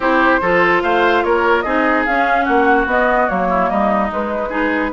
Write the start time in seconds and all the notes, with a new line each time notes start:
0.00 C4 E4 G4 C5
0.41 F3 F4 A4
0.82 A3 C5 F5
1.23 A#3 A#4 C#5
1.61 C4 D#4 G#4 D#5
2.05 C#4 F5
2.44 A#3 F#4 F#5
2.85 B3 D#5
3.28 F#3 A#3 C#5
3.49 E4
3.69 G3 D#4 D#5
4.11 G#3 B4
4.49 D#4 G#4